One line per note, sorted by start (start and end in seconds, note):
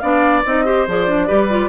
0.00 0.45 B3
0.00 0.44 D4
0.00 0.65 D5
0.00 0.42 F5
0.46 0.88 C4
0.46 0.66 D#4
0.46 0.88 D#5
0.65 0.87 G4
0.65 1.28 C5
0.88 1.30 F3
0.88 1.07 G#4
0.88 1.69 D5
1.07 1.28 D4
1.28 1.69 G3
1.28 1.49 G4
1.28 1.69 B4
1.50 1.69 F4